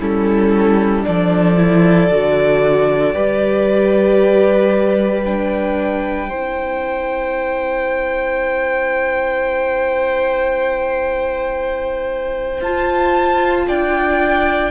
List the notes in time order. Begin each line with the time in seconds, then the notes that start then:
0.00 G3 C#4 E4 A4
1.03 F3 D4 A4 D5
1.57 E4
2.10 D3 F#4
3.14 G3 G4 B4
5.24 D4 G5
6.29 C4 E4 C5
12.61 F4 A5
13.68 D4 D5 G5